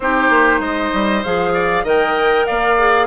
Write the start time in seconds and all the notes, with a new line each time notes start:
0.00 C4 D#4 G4 C5
0.29 A#3
0.59 G#3 C5 D#5
0.93 G3
1.23 F3 G#4 F5
1.53 D5
1.83 D#3 A#4 D#5 G5
2.46 A#3 D5 F5
2.78 G#4